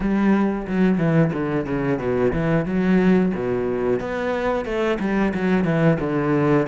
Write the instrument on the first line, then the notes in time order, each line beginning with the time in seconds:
cello
0.00 G3
0.67 F#3
0.98 E3
1.32 D3
1.65 C#3
1.98 B2
2.32 E3
2.65 F#3
3.34 B2
4.00 B3
4.65 A3
4.99 G3
5.34 F#3
5.64 E3
5.99 D3